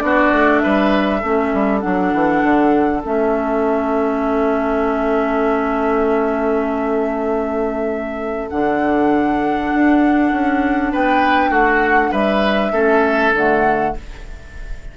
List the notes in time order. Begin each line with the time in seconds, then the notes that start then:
0.00 B3 D4 F#4 D5
0.32 A3
0.59 B4 E5
0.65 G3
1.21 A3 C#4 A4
1.54 G3
1.81 F#3 D4 F#5
2.14 E3
2.44 D3
3.04 A3 C#4 E5
8.50 D3 D4 F#5
9.74 D4
10.32 C#4
10.93 B3 B4 G5
11.50 A3 F#4 F#5
12.12 G3 B4 E5
12.72 A3 C#4 A4
13.33 D3 A3 F#5